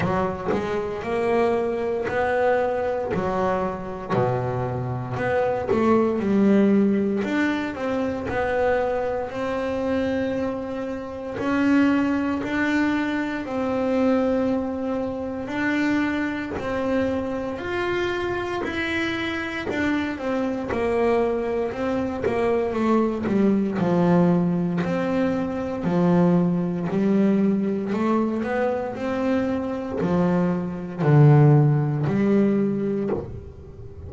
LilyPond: \new Staff \with { instrumentName = "double bass" } { \time 4/4 \tempo 4 = 58 fis8 gis8 ais4 b4 fis4 | b,4 b8 a8 g4 d'8 c'8 | b4 c'2 cis'4 | d'4 c'2 d'4 |
c'4 f'4 e'4 d'8 c'8 | ais4 c'8 ais8 a8 g8 f4 | c'4 f4 g4 a8 b8 | c'4 f4 d4 g4 | }